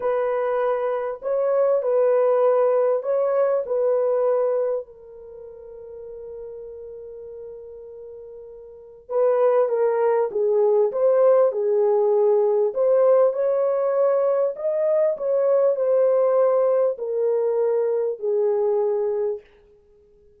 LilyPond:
\new Staff \with { instrumentName = "horn" } { \time 4/4 \tempo 4 = 99 b'2 cis''4 b'4~ | b'4 cis''4 b'2 | ais'1~ | ais'2. b'4 |
ais'4 gis'4 c''4 gis'4~ | gis'4 c''4 cis''2 | dis''4 cis''4 c''2 | ais'2 gis'2 | }